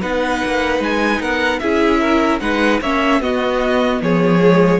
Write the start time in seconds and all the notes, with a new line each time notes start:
0.00 B3 D#4 B4 F#5
0.45 A#3
0.79 G#3 G#5
1.19 B3 A#4 F#5
1.59 C#4 E4 G#4 E5
2.00 A#4
2.40 G#3 D#4 B4 F#5
2.81 A#3 C#4 C#5 E5
3.20 B3 F#4 D#5
4.01 F3 G#4 C#5
4.39 G#3